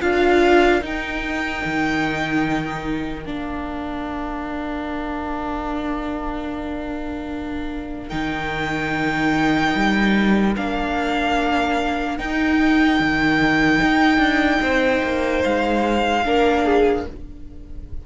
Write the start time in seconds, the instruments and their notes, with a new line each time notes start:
0.00 cello D4, viola F4, violin A#4 F5
0.81 viola D#4, cello D#4, violin G5
1.65 cello D#3
3.26 cello A#3, viola D4, violin F5
8.09 cello D#3, viola D#4, violin G5
9.76 cello G3
10.57 cello A#3, viola D4, violin F5
12.18 viola D#4, cello D#4, violin G5
13.00 cello D#3
13.82 cello D#4
14.18 cello D4
14.61 cello C4, violin C5
15.04 cello A#3
15.44 cello G#3, violin F5
16.25 cello A#3, viola D4, violin A#4
16.65 violin G#4